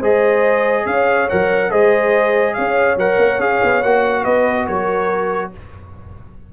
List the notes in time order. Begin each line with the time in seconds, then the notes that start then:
0.00 G#3 G#4 C5 D#5
0.86 C#4 C#5 F5
1.29 F#3 A#4 F#5
1.71 G#3 G#4 C5 D#5
2.54 C#4 C#5 F5
2.97 F#3 A#4 F#5
3.19 A#3
3.40 C#4 G#4 F5
3.63 B3
3.83 A#3 F#4 F#5
4.24 B3 B4 D#5
4.67 F#3 A#4 C#5